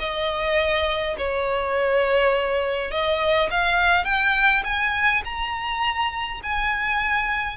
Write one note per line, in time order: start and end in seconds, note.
0.00 1.17 D#5
1.18 2.91 C#5
2.91 3.50 D#5
3.51 4.05 F5
4.05 4.63 G5
4.64 5.23 G#5
5.25 6.41 A#5
6.43 7.58 G#5